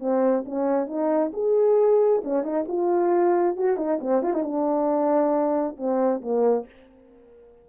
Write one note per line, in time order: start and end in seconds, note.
0.00 0.44 C4
0.46 0.87 C#4
0.87 1.32 D#4
1.34 2.23 G#4
2.24 2.44 C#4
2.44 2.66 D#4
2.68 3.57 F4
3.57 3.77 F#4
3.77 4.00 D#4
4.01 4.23 C4
4.23 4.34 F4
4.34 4.44 D#4
4.44 5.77 D4
5.77 6.22 C4
6.22 6.66 A#3